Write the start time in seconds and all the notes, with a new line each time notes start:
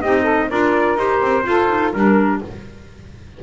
0.00 C4 D#4 G4 D#5
0.22 A4
0.49 D4 F4 A#4 D5
0.97 D#4 G4 C5
1.21 C4
1.43 F4 A4
1.67 D#4
1.93 G3 D4 A#4